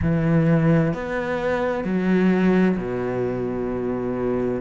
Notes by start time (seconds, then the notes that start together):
0.02 E3
0.93 B3
1.84 F#3
2.77 B2